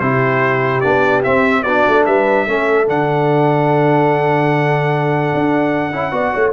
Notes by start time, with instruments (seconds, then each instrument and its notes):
0.00 tuba C3, trombone E4, horn G4, trumpet C5
0.81 tuba B3, trombone D4, trumpet D5
1.24 trombone C4, tuba C4, trumpet E5
1.63 tuba B3, trombone D4, horn F#4, trumpet D5
1.88 tuba A3
2.06 tuba G3, horn B4, trumpet E5
2.47 tuba A3, trombone C#4, horn A4
2.87 tuba D3, trombone D4, trumpet F#5
5.34 tuba D4
5.93 tuba C#4, trombone E4
6.11 tuba B3, trombone F#4, horn D5
6.34 tuba A3, horn C#5